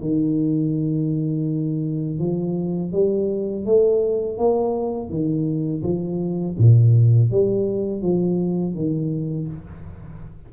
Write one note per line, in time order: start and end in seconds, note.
0.00 2.19 D#3
2.19 2.92 F3
2.92 3.65 G3
3.65 4.38 A3
4.38 5.09 A#3
5.09 5.82 D#3
5.83 6.56 F3
6.58 7.31 A#2
7.31 8.02 G3
8.02 8.74 F3
8.74 9.48 D#3